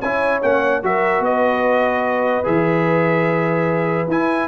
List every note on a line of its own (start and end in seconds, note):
0.00 0.42 C#4
0.00 0.42 E4
0.00 0.82 C#5
0.00 0.41 G#5
0.42 0.82 A#3
0.42 0.83 C#4
0.42 0.83 F#5
0.82 1.19 F#3
0.82 2.44 F#4
0.82 1.25 A#4
0.82 1.24 E5
1.19 2.42 B3
1.19 2.46 D#5
1.25 4.47 B4
2.44 4.07 E3
2.44 4.07 G#4
2.44 4.09 E5
4.07 4.47 E4
4.07 4.47 G#5